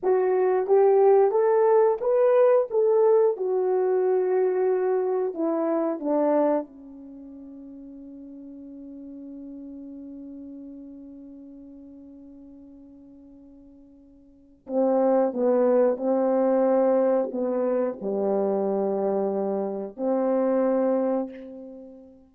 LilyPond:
\new Staff \with { instrumentName = "horn" } { \time 4/4 \tempo 4 = 90 fis'4 g'4 a'4 b'4 | a'4 fis'2. | e'4 d'4 cis'2~ | cis'1~ |
cis'1~ | cis'2 c'4 b4 | c'2 b4 g4~ | g2 c'2 | }